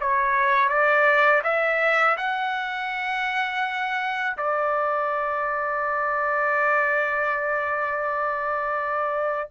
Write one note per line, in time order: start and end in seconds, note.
0.00 0.69 C#5
0.69 1.42 D5
1.43 2.16 E5
2.17 4.36 F#5
4.37 9.49 D5